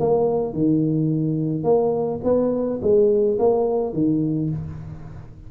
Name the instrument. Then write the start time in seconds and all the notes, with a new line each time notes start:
tuba
0.00 A#3
0.54 D#3
1.64 A#3
2.24 B3
2.82 G#3
3.39 A#3
3.94 D#3